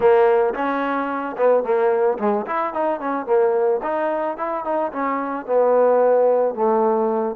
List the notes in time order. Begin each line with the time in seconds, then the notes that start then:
0.00 A#3
0.54 C#4
1.37 B3
1.63 A#3
2.18 G#3
2.46 E4
2.73 D#4
3.00 C#4
3.26 A#3
3.82 D#4
4.37 E4
4.64 D#4
4.91 C#4
5.45 B3
6.54 A3